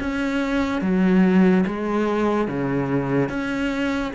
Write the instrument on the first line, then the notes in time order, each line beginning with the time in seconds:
cello
0.00 C#4
0.82 F#3
1.67 G#3
2.48 C#3
3.30 C#4